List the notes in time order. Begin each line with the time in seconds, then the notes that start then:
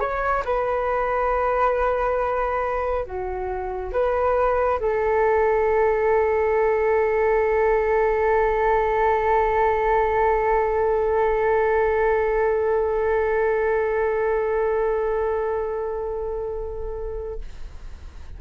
0.00 C#5
0.45 B4
3.06 F#4
3.92 B4
4.80 A4